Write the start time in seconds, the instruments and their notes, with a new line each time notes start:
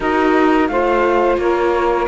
0.00 cello D#4, viola F#4, saxophone A#4, flute D#5
0.67 cello A3, viola F4, saxophone C5, flute F5
1.37 cello A#3, saxophone A#4, flute C#5